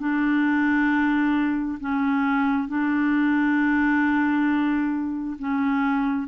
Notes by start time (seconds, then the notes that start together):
0.00 D4
1.81 C#4
2.69 D4
5.40 C#4